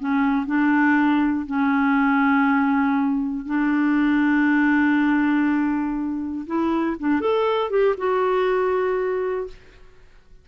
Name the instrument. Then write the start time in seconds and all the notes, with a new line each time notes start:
clarinet
0.00 C#4
0.46 D4
1.46 C#4
3.46 D4
6.47 E4
7.00 D4
7.21 A4
7.70 G4
7.97 F#4